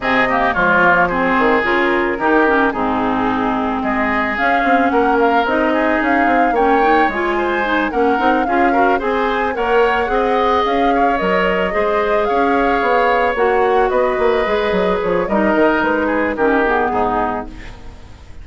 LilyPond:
<<
  \new Staff \with { instrumentName = "flute" } { \time 4/4 \tempo 4 = 110 dis''4 cis''4 c''4 ais'4~ | ais'4 gis'2 dis''4 | f''4 fis''8 f''8 dis''4 f''4 | g''4 gis''4. fis''4 f''8~ |
f''8 gis''4 fis''2 f''8~ | f''8 dis''2 f''4.~ | f''8 fis''4 dis''2 cis''8 | dis''4 b'4 ais'8 gis'4. | }
  \new Staff \with { instrumentName = "oboe" } { \time 4/4 gis'8 g'8 f'4 gis'2 | g'4 dis'2 gis'4~ | gis'4 ais'4. gis'4. | cis''4. c''4 ais'4 gis'8 |
ais'8 c''4 cis''4 dis''4. | cis''4. c''4 cis''4.~ | cis''4. b'2~ b'8 | ais'4. gis'8 g'4 dis'4 | }
  \new Staff \with { instrumentName = "clarinet" } { \time 4/4 c'8 ais8 gis8 ais8 c'4 f'4 | dis'8 cis'8 c'2. | cis'2 dis'2 | cis'8 dis'8 f'4 dis'8 cis'8 dis'8 f'8 |
fis'8 gis'4 ais'4 gis'4.~ | gis'8 ais'4 gis'2~ gis'8~ | gis'8 fis'2 gis'4. | dis'2 cis'8 b4. | }
  \new Staff \with { instrumentName = "bassoon" } { \time 4/4 c4 f4. dis8 cis4 | dis4 gis,2 gis4 | cis'8 c'8 ais4 c'4 cis'8 c'8 | ais4 gis4. ais8 c'8 cis'8~ |
cis'8 c'4 ais4 c'4 cis'8~ | cis'8 fis4 gis4 cis'4 b8~ | b8 ais4 b8 ais8 gis8 fis8 f8 | g8 dis8 gis4 dis4 gis,4 | }
>>